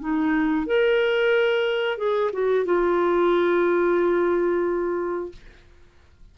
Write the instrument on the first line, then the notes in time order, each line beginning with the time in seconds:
clarinet
0.00 D#4
0.66 A#4
1.98 G#4
2.33 F#4
2.65 F4